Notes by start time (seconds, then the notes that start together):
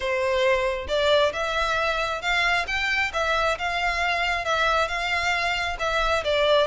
0.00 C5
0.88 D5
1.32 E5
2.21 F5
2.67 G5
3.13 E5
3.58 F5
4.44 E5
4.88 F5
5.79 E5
6.23 D5